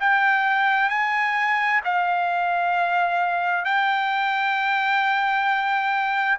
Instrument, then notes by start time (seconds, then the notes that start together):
trumpet
0.00 G5
0.90 G#5
1.84 F5
3.65 G5